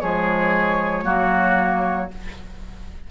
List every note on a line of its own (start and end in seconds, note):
0.00 1.04 F3
0.00 1.03 G#3
0.00 1.05 G#4
0.00 2.11 C#5
1.03 2.10 F#3
1.03 2.09 A#3
1.03 2.10 F#4